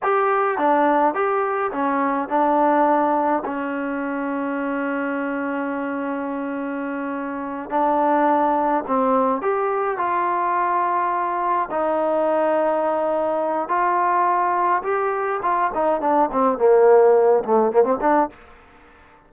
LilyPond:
\new Staff \with { instrumentName = "trombone" } { \time 4/4 \tempo 4 = 105 g'4 d'4 g'4 cis'4 | d'2 cis'2~ | cis'1~ | cis'4. d'2 c'8~ |
c'8 g'4 f'2~ f'8~ | f'8 dis'2.~ dis'8 | f'2 g'4 f'8 dis'8 | d'8 c'8 ais4. a8 ais16 c'16 d'8 | }